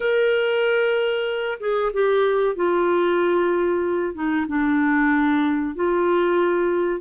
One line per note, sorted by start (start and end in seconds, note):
0.00 1.58 A#4
1.60 1.91 G#4
1.93 2.55 G4
2.55 4.14 F4
4.14 4.46 D#4
4.47 5.75 D4
5.75 7.00 F4